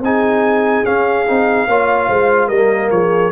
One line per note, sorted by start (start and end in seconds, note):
0.00 0.82 C4
0.00 0.85 D#4
0.00 1.68 G#4
0.00 0.85 G#5
0.85 1.26 C#4
0.85 2.48 F5
1.27 1.67 C4
1.27 1.68 D#4
1.67 2.08 A#3
1.67 2.52 F4
1.67 2.08 C#5
2.08 2.49 G#3
2.08 2.48 C5
2.48 2.90 G3
2.48 3.32 A#3
2.48 2.89 A#4
2.48 2.89 D#5
2.91 3.32 F3
2.91 3.32 G#4
2.91 3.32 C#5